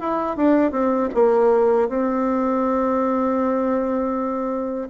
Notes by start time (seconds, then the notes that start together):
0.00 E4
0.37 D4
0.71 C4
1.15 A#3
1.89 C4